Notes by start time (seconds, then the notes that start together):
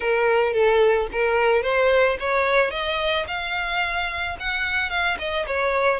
0.00 A#4
0.53 A4
1.12 A#4
1.62 C5
2.19 C#5
2.70 D#5
3.27 F5
4.39 F#5
4.89 F5
5.18 D#5
5.46 C#5